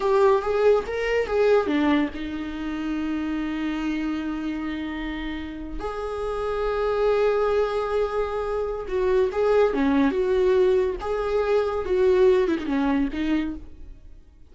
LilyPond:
\new Staff \with { instrumentName = "viola" } { \time 4/4 \tempo 4 = 142 g'4 gis'4 ais'4 gis'4 | d'4 dis'2.~ | dis'1~ | dis'4.~ dis'16 gis'2~ gis'16~ |
gis'1~ | gis'4 fis'4 gis'4 cis'4 | fis'2 gis'2 | fis'4. e'16 dis'16 cis'4 dis'4 | }